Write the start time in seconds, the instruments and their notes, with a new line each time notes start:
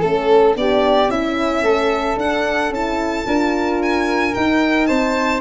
0.00 tuba A3, horn C#4, violin A4, flute A4
0.55 tuba B3, horn D4, flute G4, violin D5
1.09 tuba C#4, horn C#4, flute E4, violin E5
1.62 tuba A3, flute A4
2.17 tuba D4, horn D4, violin F#5
2.70 tuba C#4, horn E4, violin A5
3.26 tuba D4, horn F4, flute A#4
3.82 violin G#5
4.34 horn D#4, tuba D#4, violin G5
4.87 tuba C4, flute C5, violin A5